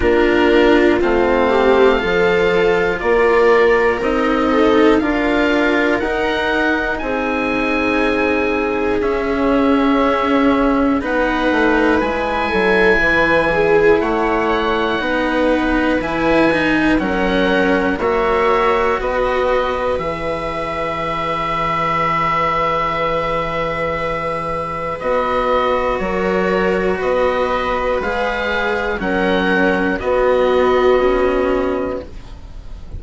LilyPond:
<<
  \new Staff \with { instrumentName = "oboe" } { \time 4/4 \tempo 4 = 60 ais'4 f''2 d''4 | dis''4 f''4 fis''4 gis''4~ | gis''4 e''2 fis''4 | gis''2 fis''2 |
gis''4 fis''4 e''4 dis''4 | e''1~ | e''4 dis''4 cis''4 dis''4 | f''4 fis''4 dis''2 | }
  \new Staff \with { instrumentName = "viola" } { \time 4/4 f'4. g'8 a'4 ais'4~ | ais'8 a'8 ais'2 gis'4~ | gis'2. b'4~ | b'8 a'8 b'8 gis'8 cis''4 b'4~ |
b'4 ais'4 cis''4 b'4~ | b'1~ | b'2 ais'4 b'4~ | b'4 ais'4 fis'2 | }
  \new Staff \with { instrumentName = "cello" } { \time 4/4 d'4 c'4 f'2 | dis'4 f'4 dis'2~ | dis'4 cis'2 dis'4 | e'2. dis'4 |
e'8 dis'8 cis'4 fis'2 | gis'1~ | gis'4 fis'2. | gis'4 cis'4 b4 cis'4 | }
  \new Staff \with { instrumentName = "bassoon" } { \time 4/4 ais4 a4 f4 ais4 | c'4 d'4 dis'4 c'4~ | c'4 cis'2 b8 a8 | gis8 fis8 e4 a4 b4 |
e4 fis4 ais4 b4 | e1~ | e4 b4 fis4 b4 | gis4 fis4 b2 | }
>>